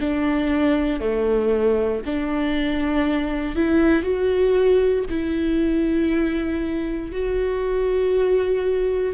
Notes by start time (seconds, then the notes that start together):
0.00 D4
1.00 A3
2.06 D4
3.56 E4
4.03 F#4
5.10 E4
7.12 F#4